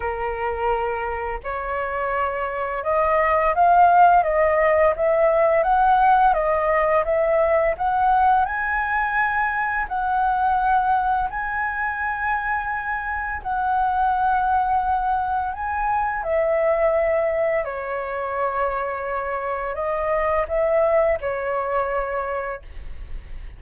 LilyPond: \new Staff \with { instrumentName = "flute" } { \time 4/4 \tempo 4 = 85 ais'2 cis''2 | dis''4 f''4 dis''4 e''4 | fis''4 dis''4 e''4 fis''4 | gis''2 fis''2 |
gis''2. fis''4~ | fis''2 gis''4 e''4~ | e''4 cis''2. | dis''4 e''4 cis''2 | }